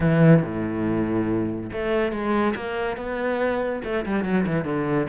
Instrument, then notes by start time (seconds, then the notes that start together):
cello
0.00 E3
0.43 A2
1.72 A3
2.12 G#3
2.55 A#3
2.96 B3
3.84 A3
4.05 G3
4.24 F#3
4.46 E3
4.64 D3